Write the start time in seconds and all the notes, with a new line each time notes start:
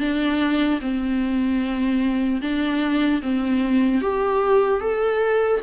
0.00 D4
0.81 C4
2.42 D4
3.22 C4
4.02 G4
4.81 A4